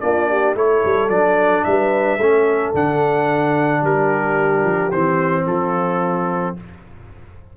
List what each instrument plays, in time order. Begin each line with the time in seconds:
0.00 tuba A#3, trombone D4, horn F4, trumpet D5
0.30 horn G4
0.55 tuba A3, trombone E4, horn A4, trumpet C#5
0.85 tuba G3
1.09 tuba F#3, trombone D4, trumpet D5
1.64 tuba G3, horn B4, trumpet E5
2.17 tuba A3, trombone C#4, horn A4
2.74 tuba D3, trombone D4, trumpet F#5
3.80 tuba G3, horn G4, trumpet A#4
4.64 tuba F3
4.91 tuba E3, trombone C4, trumpet C5
5.45 tuba F3, horn F4, trumpet A4